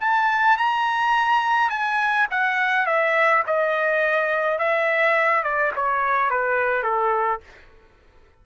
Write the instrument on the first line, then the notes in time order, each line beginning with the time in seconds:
trumpet
0.00 A5
0.57 A#5
1.70 G#5
2.30 F#5
2.86 E5
3.46 D#5
4.58 E5
5.43 D5
5.76 C#5
6.30 B4
6.83 A4